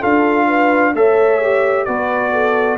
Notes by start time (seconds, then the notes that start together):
0.00 D4 F4 A4 F5
0.47 B4
0.94 A3 A4 C#5 E5
1.42 G4
1.85 B3 F#4 B4 D5
2.33 A4